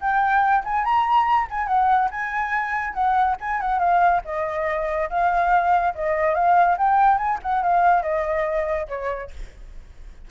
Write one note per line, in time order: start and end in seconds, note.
0.00 0.63 G5
0.64 0.84 G#5
0.84 1.47 A#5
1.50 1.67 G#5
1.67 2.09 F#5
2.10 2.93 G#5
2.93 3.36 F#5
3.40 3.60 G#5
3.60 3.79 F#5
3.79 4.21 F5
4.24 5.09 D#5
5.09 5.94 F5
5.95 6.34 D#5
6.34 6.76 F5
6.77 7.17 G5
7.17 7.38 G#5
7.42 7.62 F#5
7.62 8.02 F5
8.02 8.87 D#5
8.88 9.30 C#5